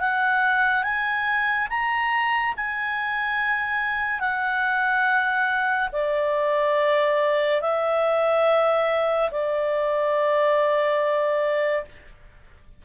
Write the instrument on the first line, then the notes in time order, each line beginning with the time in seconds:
clarinet
0.00 F#5
0.83 G#5
1.69 A#5
2.57 G#5
4.20 F#5
5.93 D5
7.61 E5
9.31 D5